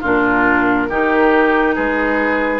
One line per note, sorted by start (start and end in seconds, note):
0.00 0.90 A#2
0.00 0.90 D4
0.00 0.87 F4
0.00 1.75 A#4
0.89 1.77 D#3
0.89 2.60 D#4
0.89 1.75 G4
1.75 2.60 G#3
1.75 2.60 G#4
1.75 2.60 B4